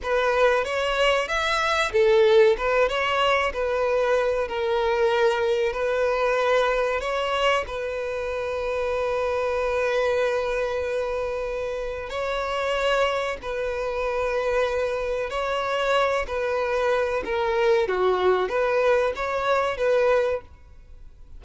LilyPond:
\new Staff \with { instrumentName = "violin" } { \time 4/4 \tempo 4 = 94 b'4 cis''4 e''4 a'4 | b'8 cis''4 b'4. ais'4~ | ais'4 b'2 cis''4 | b'1~ |
b'2. cis''4~ | cis''4 b'2. | cis''4. b'4. ais'4 | fis'4 b'4 cis''4 b'4 | }